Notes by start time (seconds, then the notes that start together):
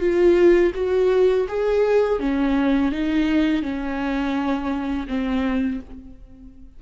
0.00 F4
0.75 F#4
1.48 G#4
2.19 C#4
2.92 D#4
3.62 C#4
5.08 C4